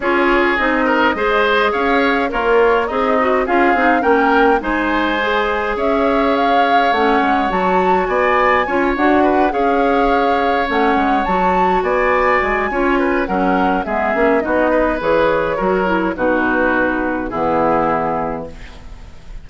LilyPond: <<
  \new Staff \with { instrumentName = "flute" } { \time 4/4 \tempo 4 = 104 cis''4 dis''2 f''4 | cis''4 dis''4 f''4 g''4 | gis''2 e''4 f''4 | fis''4 a''4 gis''4. fis''8~ |
fis''8 f''2 fis''4 a''8~ | a''8 gis''2~ gis''8 fis''4 | e''4 dis''4 cis''2 | b'2 gis'2 | }
  \new Staff \with { instrumentName = "oboe" } { \time 4/4 gis'4. ais'8 c''4 cis''4 | f'4 dis'4 gis'4 ais'4 | c''2 cis''2~ | cis''2 d''4 cis''4 |
b'8 cis''2.~ cis''8~ | cis''8 d''4. cis''8 b'8 ais'4 | gis'4 fis'8 b'4. ais'4 | fis'2 e'2 | }
  \new Staff \with { instrumentName = "clarinet" } { \time 4/4 f'4 dis'4 gis'2 | ais'4 gis'8 fis'8 f'8 dis'8 cis'4 | dis'4 gis'2. | cis'4 fis'2 f'8 fis'8~ |
fis'8 gis'2 cis'4 fis'8~ | fis'2 f'4 cis'4 | b8 cis'8 dis'4 gis'4 fis'8 e'8 | dis'2 b2 | }
  \new Staff \with { instrumentName = "bassoon" } { \time 4/4 cis'4 c'4 gis4 cis'4 | ais4 c'4 cis'8 c'8 ais4 | gis2 cis'2 | a8 gis8 fis4 b4 cis'8 d'8~ |
d'8 cis'2 a8 gis8 fis8~ | fis8 b4 gis8 cis'4 fis4 | gis8 ais8 b4 e4 fis4 | b,2 e2 | }
>>